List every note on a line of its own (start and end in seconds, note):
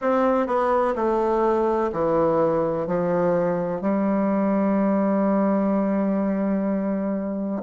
0.01 0.46 C4
0.46 0.94 B3
0.95 1.90 A3
1.92 2.86 E3
2.86 3.81 F3
3.81 7.62 G3